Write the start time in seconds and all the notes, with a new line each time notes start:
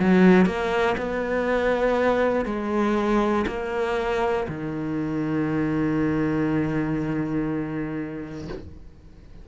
0.00 F#3
0.46 A#3
0.97 B3
2.45 G#3
3.47 A#3
4.48 D#3